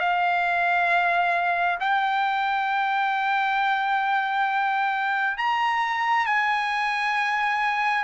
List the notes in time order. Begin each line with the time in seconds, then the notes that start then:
0.00 F5
1.80 G5
5.38 A#5
6.26 G#5